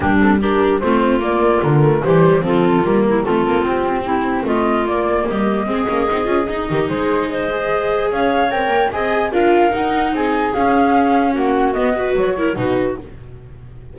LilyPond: <<
  \new Staff \with { instrumentName = "flute" } { \time 4/4 \tempo 4 = 148 g'8 a'8 ais'4 c''4 d''4 | ais'4 c''4 a'4 ais'4 | a'4 g'2 dis''4 | d''4 dis''2.~ |
dis''4 c''4 dis''2 | f''4 g''4 gis''4 f''4 | fis''4 gis''4 f''2 | fis''4 dis''4 cis''4 b'4 | }
  \new Staff \with { instrumentName = "clarinet" } { \time 4/4 d'4 g'4 f'2~ | f'4 g'4 f'4. e'8 | f'2 e'4 f'4~ | f'4 g'4 gis'2~ |
gis'8 g'8 gis'4 c''2 | cis''2 dis''4 ais'4~ | ais'4 gis'2. | fis'4. b'4 ais'8 fis'4 | }
  \new Staff \with { instrumentName = "viola" } { \time 4/4 ais8 c'8 d'4 c'4 ais4~ | ais8 a8 g4 c'4 ais4 | c'1 | ais2 c'8 cis'8 dis'8 f'8 |
dis'2~ dis'8 gis'4.~ | gis'4 ais'4 gis'4 f'4 | dis'2 cis'2~ | cis'4 b8 fis'4 e'8 dis'4 | }
  \new Staff \with { instrumentName = "double bass" } { \time 4/4 g2 a4 ais4 | d4 e4 f4 g4 | a8 ais8 c'2 a4 | ais4 g4 gis8 ais8 c'8 cis'8 |
dis'8 dis8 gis2. | cis'4 c'8 ais8 c'4 d'4 | dis'4 c'4 cis'2 | ais4 b4 fis4 b,4 | }
>>